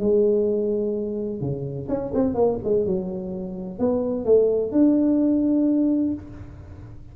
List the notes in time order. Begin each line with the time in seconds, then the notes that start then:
0.00 G#3
1.41 C#3
1.89 C#4
2.14 C4
2.35 A#3
2.65 G#3
2.86 F#3
3.79 B3
4.25 A3
4.72 D4